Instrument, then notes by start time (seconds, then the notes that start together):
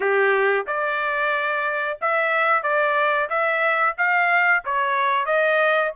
trumpet
0.00 G4
0.66 D5
2.01 E5
2.63 D5
3.29 E5
3.97 F5
4.65 C#5
5.25 D#5